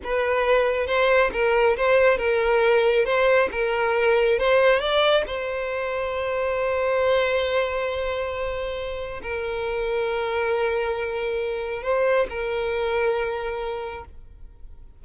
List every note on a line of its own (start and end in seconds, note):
0.03 0.87 B4
0.87 1.30 C5
1.32 1.76 A#4
1.76 2.17 C5
2.17 3.05 A#4
3.05 3.49 C5
3.51 4.38 A#4
4.38 4.80 C5
4.80 5.23 D5
5.26 9.20 C5
9.22 11.82 A#4
11.82 12.26 C5
12.29 14.04 A#4